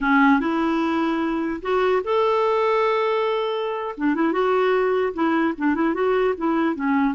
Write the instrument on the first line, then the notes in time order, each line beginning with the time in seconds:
clarinet
0.00 C#4
0.40 E4
1.62 F#4
2.04 A4
3.97 D4
4.15 E4
4.32 F#4
5.13 E4
5.57 D4
5.74 E4
5.94 F#4
6.37 E4
6.75 C#4